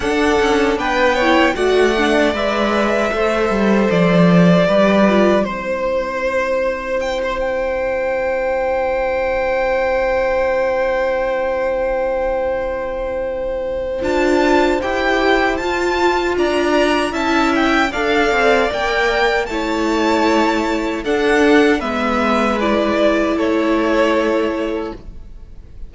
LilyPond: <<
  \new Staff \with { instrumentName = "violin" } { \time 4/4 \tempo 4 = 77 fis''4 g''4 fis''4 e''4~ | e''4 d''2 c''4~ | c''4 g''16 c''16 g''2~ g''8~ | g''1~ |
g''2 a''4 g''4 | a''4 ais''4 a''8 g''8 f''4 | g''4 a''2 fis''4 | e''4 d''4 cis''2 | }
  \new Staff \with { instrumentName = "violin" } { \time 4/4 a'4 b'8 cis''8 d''2 | c''2 b'4 c''4~ | c''1~ | c''1~ |
c''1~ | c''4 d''4 e''4 d''4~ | d''4 cis''2 a'4 | b'2 a'2 | }
  \new Staff \with { instrumentName = "viola" } { \time 4/4 d'4. e'8 fis'8 d'8 b'4 | a'2 g'8 f'8 e'4~ | e'1~ | e'1~ |
e'2 f'4 g'4 | f'2 e'4 a'4 | ais'4 e'2 d'4 | b4 e'2. | }
  \new Staff \with { instrumentName = "cello" } { \time 4/4 d'8 cis'8 b4 a4 gis4 | a8 g8 f4 g4 c'4~ | c'1~ | c'1~ |
c'2 d'4 e'4 | f'4 d'4 cis'4 d'8 c'8 | ais4 a2 d'4 | gis2 a2 | }
>>